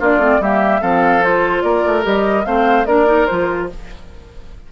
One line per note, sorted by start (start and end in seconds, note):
0.00 0.17 A#3
0.00 0.20 D4
0.00 0.41 F4
0.00 0.43 D5
0.17 0.38 A3
0.17 0.41 C4
0.40 0.81 G3
0.40 0.81 A#3
0.40 0.81 G4
0.40 0.83 E5
0.81 1.63 F3
0.81 1.22 C4
0.81 1.63 A4
0.81 1.23 F5
1.22 2.03 F4
1.22 1.62 C5
1.62 1.84 A#3
1.62 2.46 A#4
1.62 2.03 D5
1.87 2.06 A3
2.03 2.46 G3
2.03 2.43 G4
2.03 2.45 D#5
2.45 2.86 A3
2.45 2.86 C4
2.45 2.87 C5
2.45 2.86 F5
2.86 3.27 A#3
2.86 3.06 D4
2.86 3.69 A#4
2.86 3.26 D5
3.06 3.26 D#4
3.26 3.72 F3
3.26 3.70 F4
3.26 3.67 C5